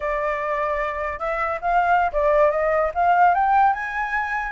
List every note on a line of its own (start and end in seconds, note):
0.00 1.19 D5
1.19 1.59 E5
1.61 2.11 F5
2.12 2.50 D5
2.50 2.91 D#5
2.94 3.34 F5
3.34 3.73 G5
3.73 4.52 G#5